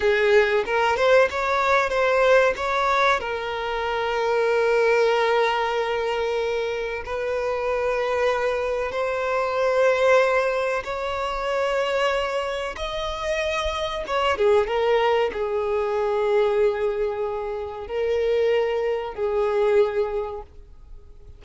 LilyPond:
\new Staff \with { instrumentName = "violin" } { \time 4/4 \tempo 4 = 94 gis'4 ais'8 c''8 cis''4 c''4 | cis''4 ais'2.~ | ais'2. b'4~ | b'2 c''2~ |
c''4 cis''2. | dis''2 cis''8 gis'8 ais'4 | gis'1 | ais'2 gis'2 | }